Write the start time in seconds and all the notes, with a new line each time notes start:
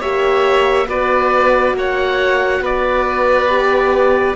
0.00 A#3 G4 C#5 E5
0.87 B3 F#4 B4 D5
1.73 A#3 C#5 F#5
2.61 B3 B4 D5
3.48 G4